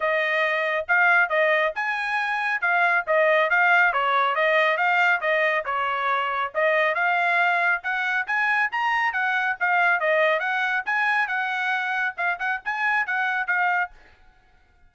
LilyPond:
\new Staff \with { instrumentName = "trumpet" } { \time 4/4 \tempo 4 = 138 dis''2 f''4 dis''4 | gis''2 f''4 dis''4 | f''4 cis''4 dis''4 f''4 | dis''4 cis''2 dis''4 |
f''2 fis''4 gis''4 | ais''4 fis''4 f''4 dis''4 | fis''4 gis''4 fis''2 | f''8 fis''8 gis''4 fis''4 f''4 | }